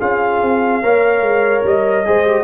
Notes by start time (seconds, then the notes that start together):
0.00 C#4 F4 G#4 F5
0.42 C4
0.82 A#3 A#4 C#5
1.21 G#3
1.64 G3 D#5
2.05 G#3 G#4 C5
2.26 G4